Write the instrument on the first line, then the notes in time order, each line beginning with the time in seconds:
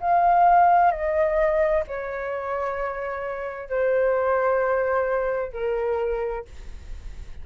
flute
0.00 F5
0.91 D#5
1.87 C#5
3.69 C5
5.52 A#4